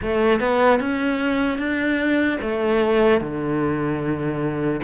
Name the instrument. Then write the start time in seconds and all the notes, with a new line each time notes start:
cello
0.01 A3
0.40 B3
0.80 C#4
1.58 D4
2.41 A3
3.20 D3